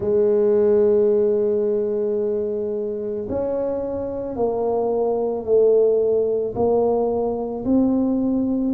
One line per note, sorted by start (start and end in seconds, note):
0.00 3.27 G#3
3.29 4.35 C#4
4.35 5.44 A#3
5.44 6.54 A3
6.55 7.64 A#3
7.65 8.73 C4